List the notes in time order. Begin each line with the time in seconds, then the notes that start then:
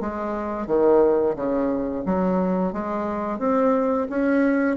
0.00 G#3
0.67 D#3
1.35 C#3
2.05 F#3
2.73 G#3
3.39 C4
4.09 C#4